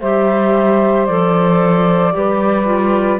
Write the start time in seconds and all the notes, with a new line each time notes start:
0.00 G3 G4 C5 E5
1.06 F3 A4 D5
2.13 G3 G4 B4
2.66 F4